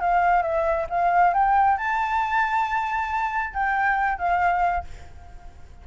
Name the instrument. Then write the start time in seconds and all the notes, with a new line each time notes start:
flute
0.00 F5
0.42 E5
0.89 F5
1.33 G5
1.77 A5
3.54 G5
4.18 F5